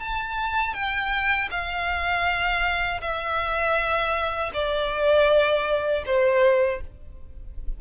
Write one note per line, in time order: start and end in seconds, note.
0.00 0.74 A5
0.74 1.49 G5
1.51 3.01 F5
3.01 4.51 E5
4.53 6.03 D5
6.06 6.81 C5